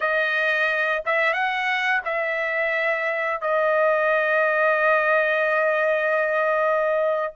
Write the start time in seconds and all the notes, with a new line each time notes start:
0.00 D#5
1.05 E5
1.33 F#5
2.05 E5
3.41 D#5